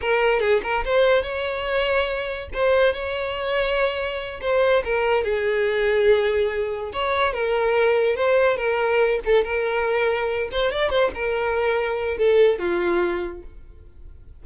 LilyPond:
\new Staff \with { instrumentName = "violin" } { \time 4/4 \tempo 4 = 143 ais'4 gis'8 ais'8 c''4 cis''4~ | cis''2 c''4 cis''4~ | cis''2~ cis''8 c''4 ais'8~ | ais'8 gis'2.~ gis'8~ |
gis'8 cis''4 ais'2 c''8~ | c''8 ais'4. a'8 ais'4.~ | ais'4 c''8 d''8 c''8 ais'4.~ | ais'4 a'4 f'2 | }